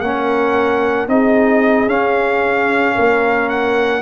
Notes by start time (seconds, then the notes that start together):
0.00 A#3 C#4 A#4 F#5
1.08 C4 D#4 G#4 D#5
1.86 C#4 F5
2.95 A#3 A#4
3.49 F#5